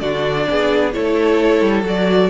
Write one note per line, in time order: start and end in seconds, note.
0.00 0.47 D3
0.00 0.92 D4
0.00 0.47 F#4
0.00 0.91 D5
0.50 0.96 B3
0.50 0.95 G#4
0.92 1.62 A3
0.92 1.83 E4
0.92 2.30 A4
0.92 1.84 C#5
1.62 1.83 G3
1.83 2.29 F#3
1.83 2.30 F#4
1.83 2.30 D5